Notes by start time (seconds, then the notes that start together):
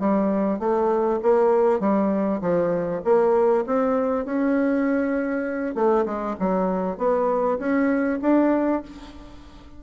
0.00 G3
0.60 A3
1.23 A#3
1.80 G3
2.41 F3
3.05 A#3
3.67 C4
4.26 C#4
5.75 A3
6.06 G#3
6.40 F#3
6.98 B3
7.59 C#4
8.22 D4